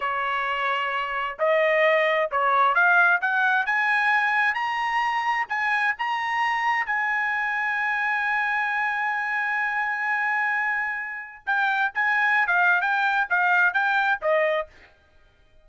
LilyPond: \new Staff \with { instrumentName = "trumpet" } { \time 4/4 \tempo 4 = 131 cis''2. dis''4~ | dis''4 cis''4 f''4 fis''4 | gis''2 ais''2 | gis''4 ais''2 gis''4~ |
gis''1~ | gis''1~ | gis''4 g''4 gis''4~ gis''16 f''8. | g''4 f''4 g''4 dis''4 | }